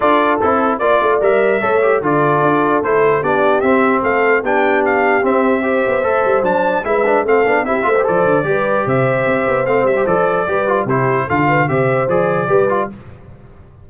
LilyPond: <<
  \new Staff \with { instrumentName = "trumpet" } { \time 4/4 \tempo 4 = 149 d''4 a'4 d''4 e''4~ | e''4 d''2 c''4 | d''4 e''4 f''4 g''4 | f''4 e''2. |
a''4 e''4 f''4 e''4 | d''2 e''2 | f''8 e''8 d''2 c''4 | f''4 e''4 d''2 | }
  \new Staff \with { instrumentName = "horn" } { \time 4/4 a'2 d''2 | cis''4 a'2. | g'2 a'4 g'4~ | g'2 c''2~ |
c''4 b'4 a'4 g'8 c''8~ | c''4 b'4 c''2~ | c''2 b'4 g'4 | a'8 b'8 c''2 b'4 | }
  \new Staff \with { instrumentName = "trombone" } { \time 4/4 f'4 e'4 f'4 ais'4 | a'8 g'8 f'2 e'4 | d'4 c'2 d'4~ | d'4 c'4 g'4 a'4 |
d'4 e'8 d'8 c'8 d'8 e'8 f'16 g'16 | a'4 g'2. | c'8. g'16 a'4 g'8 f'8 e'4 | f'4 g'4 gis'4 g'8 f'8 | }
  \new Staff \with { instrumentName = "tuba" } { \time 4/4 d'4 c'4 ais8 a8 g4 | a4 d4 d'4 a4 | b4 c'4 a4 b4~ | b4 c'4. b8 a8 g8 |
fis4 gis4 a8 b8 c'8 a8 | f8 d8 g4 c4 c'8 b8 | a8 g8 f4 g4 c4 | d4 c4 f4 g4 | }
>>